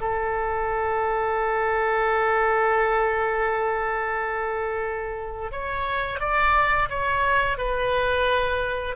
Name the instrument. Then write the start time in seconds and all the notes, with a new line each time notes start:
oboe
0.00 A4
5.51 C#5
6.19 D5
6.89 C#5
7.57 B4